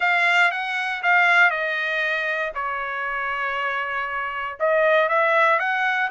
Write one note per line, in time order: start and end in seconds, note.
0.00 0.51 F5
0.51 1.02 F#5
1.02 1.50 F5
1.50 2.52 D#5
2.54 4.58 C#5
4.59 5.08 D#5
5.08 5.59 E5
5.59 6.09 F#5